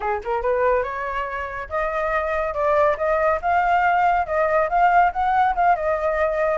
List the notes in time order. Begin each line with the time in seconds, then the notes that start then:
0.00 G#4
0.24 A#4
0.42 B4
0.83 C#5
1.69 D#5
2.54 D5
2.97 D#5
3.41 F5
4.26 D#5
4.69 F5
5.12 F#5
5.55 F5
5.75 D#5